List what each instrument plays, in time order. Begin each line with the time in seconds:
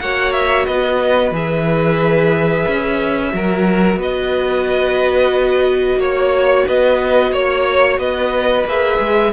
0.00 cello A#3, viola F#4, violin C#5 F#5
0.32 violin E5
0.65 cello B3, violin B4 D#5
1.31 cello E3, viola G#4, violin E5
2.67 cello C#4
3.31 cello F#3, viola F#4, violin A#4
3.96 cello B3, violin B4 D#5
5.96 cello A#3, violin C#5
6.03 violin C#5
6.67 cello B3, violin B4 D#5
7.32 cello A#3, violin C#5
7.98 cello B3, violin B4 D#5
8.65 cello A#3, viola G#4, violin E5
8.99 cello G#3